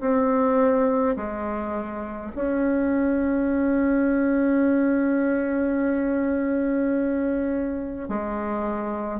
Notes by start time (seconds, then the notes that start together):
0.00 C4
1.16 G#3
2.35 C#4
8.08 G#3